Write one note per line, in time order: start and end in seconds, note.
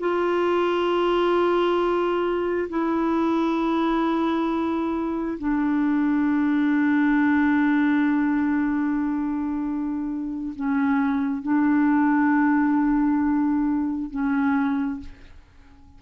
0.00 2.69 F4
2.69 5.38 E4
5.39 10.54 D4
10.56 11.43 C#4
11.43 14.11 D4
14.11 15.00 C#4